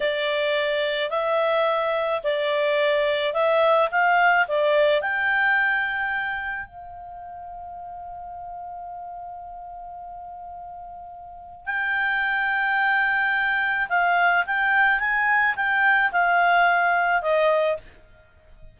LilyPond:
\new Staff \with { instrumentName = "clarinet" } { \time 4/4 \tempo 4 = 108 d''2 e''2 | d''2 e''4 f''4 | d''4 g''2. | f''1~ |
f''1~ | f''4 g''2.~ | g''4 f''4 g''4 gis''4 | g''4 f''2 dis''4 | }